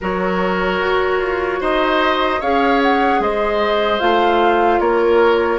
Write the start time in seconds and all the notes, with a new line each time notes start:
0.01 F#3 F#4 A#4 C#5
0.81 F#4
1.19 F4
1.60 D#4 C5 D#5
2.40 C#4 G#4 C#5 F5
2.82 F#5
3.19 G#3 C5 D#5
3.99 A3 F4 F5
4.79 A#3 A#4 C#5